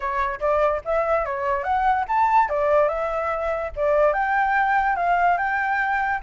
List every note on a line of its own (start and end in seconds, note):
0.00 0.39 C#5
0.40 0.81 D5
0.84 1.25 E5
1.25 1.63 C#5
1.63 2.04 F#5
2.07 2.49 A5
2.49 2.88 D5
2.88 3.71 E5
3.76 4.13 D5
4.13 4.95 G5
4.96 5.37 F5
5.37 6.20 G5